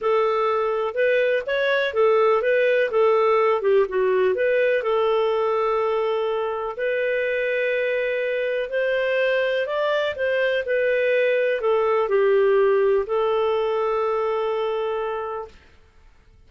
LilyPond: \new Staff \with { instrumentName = "clarinet" } { \time 4/4 \tempo 4 = 124 a'2 b'4 cis''4 | a'4 b'4 a'4. g'8 | fis'4 b'4 a'2~ | a'2 b'2~ |
b'2 c''2 | d''4 c''4 b'2 | a'4 g'2 a'4~ | a'1 | }